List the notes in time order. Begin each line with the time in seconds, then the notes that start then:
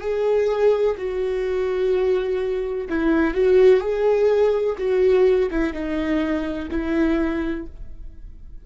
0.00 G#4
0.97 F#4
2.89 E4
3.34 F#4
3.80 G#4
4.78 F#4
5.50 E4
5.73 D#4
6.71 E4